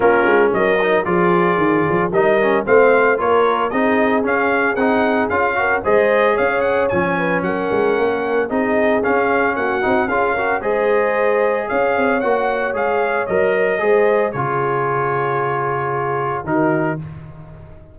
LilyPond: <<
  \new Staff \with { instrumentName = "trumpet" } { \time 4/4 \tempo 4 = 113 ais'4 dis''4 d''2 | dis''4 f''4 cis''4 dis''4 | f''4 fis''4 f''4 dis''4 | f''8 fis''8 gis''4 fis''2 |
dis''4 f''4 fis''4 f''4 | dis''2 f''4 fis''4 | f''4 dis''2 cis''4~ | cis''2. ais'4 | }
  \new Staff \with { instrumentName = "horn" } { \time 4/4 f'4 ais'4 gis'2 | ais'4 c''4 ais'4 gis'4~ | gis'2~ gis'8 ais'8 c''4 | cis''4. b'8 ais'2 |
gis'2 fis'4 gis'8 ais'8 | c''2 cis''2~ | cis''2 c''4 gis'4~ | gis'2. fis'4 | }
  \new Staff \with { instrumentName = "trombone" } { \time 4/4 cis'4. dis'8 f'2 | dis'8 cis'8 c'4 f'4 dis'4 | cis'4 dis'4 f'8 fis'8 gis'4~ | gis'4 cis'2. |
dis'4 cis'4. dis'8 f'8 fis'8 | gis'2. fis'4 | gis'4 ais'4 gis'4 f'4~ | f'2. dis'4 | }
  \new Staff \with { instrumentName = "tuba" } { \time 4/4 ais8 gis8 fis4 f4 dis8 f8 | g4 a4 ais4 c'4 | cis'4 c'4 cis'4 gis4 | cis'4 f4 fis8 gis8 ais4 |
c'4 cis'4 ais8 c'8 cis'4 | gis2 cis'8 c'8 ais4 | gis4 fis4 gis4 cis4~ | cis2. dis4 | }
>>